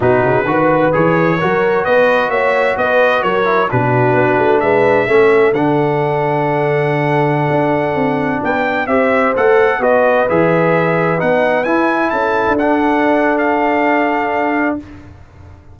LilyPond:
<<
  \new Staff \with { instrumentName = "trumpet" } { \time 4/4 \tempo 4 = 130 b'2 cis''2 | dis''4 e''4 dis''4 cis''4 | b'2 e''2 | fis''1~ |
fis''2~ fis''16 g''4 e''8.~ | e''16 fis''4 dis''4 e''4.~ e''16~ | e''16 fis''4 gis''4 a''4 fis''8.~ | fis''4 f''2. | }
  \new Staff \with { instrumentName = "horn" } { \time 4/4 fis'4 b'2 ais'4 | b'4 cis''4 b'4 ais'4 | fis'2 b'4 a'4~ | a'1~ |
a'2~ a'16 b'4 c''8.~ | c''4~ c''16 b'2~ b'8.~ | b'2~ b'16 a'4.~ a'16~ | a'1 | }
  \new Staff \with { instrumentName = "trombone" } { \time 4/4 dis'4 fis'4 gis'4 fis'4~ | fis'2.~ fis'8 e'8 | d'2. cis'4 | d'1~ |
d'2.~ d'16 g'8.~ | g'16 a'4 fis'4 gis'4.~ gis'16~ | gis'16 dis'4 e'2 d'8.~ | d'1 | }
  \new Staff \with { instrumentName = "tuba" } { \time 4/4 b,8 cis8 dis4 e4 fis4 | b4 ais4 b4 fis4 | b,4 b8 a8 gis4 a4 | d1~ |
d16 d'4 c'4 b4 c'8.~ | c'16 a4 b4 e4.~ e16~ | e16 b4 e'4 cis'8. d'4~ | d'1 | }
>>